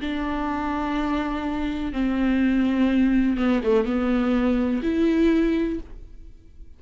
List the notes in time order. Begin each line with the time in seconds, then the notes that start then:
0.00 D4
1.92 C4
3.37 B3
3.63 A3
3.84 B3
4.83 E4